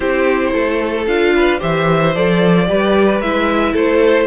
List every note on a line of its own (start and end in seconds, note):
0.00 0.53 C4
0.00 1.06 E4
0.00 0.49 G4
0.00 1.06 C5
0.52 1.06 A3
0.52 1.33 A4
1.06 1.60 D4
1.06 1.59 F4
1.06 1.59 F5
1.35 1.59 B4
1.59 2.16 E3
1.59 2.12 G4
1.59 2.67 C5
1.59 2.15 E5
2.15 2.69 F3
2.15 2.65 A4
2.15 3.21 D5
2.65 3.20 G3
2.65 3.19 G4
2.65 3.72 B4
3.20 3.73 G#3
3.20 4.26 E4
3.20 3.74 E5
3.72 4.26 A3
3.72 4.26 A4
3.72 4.26 C5